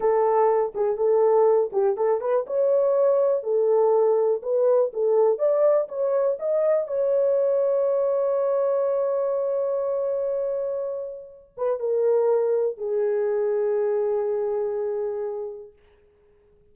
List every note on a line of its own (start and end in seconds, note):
0.00 0.73 A4
0.74 0.97 G#4
0.97 1.70 A4
1.72 1.96 G4
1.96 2.20 A4
2.20 2.45 B4
2.46 3.43 C#5
3.43 4.41 A4
4.42 4.91 B4
4.93 5.38 A4
5.38 5.87 D5
5.88 6.37 C#5
6.39 6.87 D#5
6.87 11.54 C#5
11.57 11.79 B4
11.79 12.77 A#4
12.77 15.72 G#4